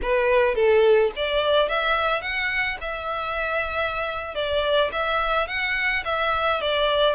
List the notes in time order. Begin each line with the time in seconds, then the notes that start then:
0.02 B4
0.55 A4
1.16 D5
1.68 E5
2.21 F#5
2.80 E5
4.34 D5
4.92 E5
5.47 F#5
6.05 E5
6.61 D5